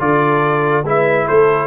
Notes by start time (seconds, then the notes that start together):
0.00 D3 F4 A4 D5
0.84 G#3 E4 B4 E5
1.26 A3 A4 C5